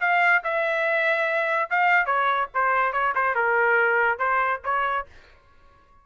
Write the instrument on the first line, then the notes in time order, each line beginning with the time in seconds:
trumpet
0.00 F5
0.43 E5
1.70 F5
2.06 C#5
2.54 C5
2.92 C#5
3.15 C5
3.35 A#4
4.18 C5
4.64 C#5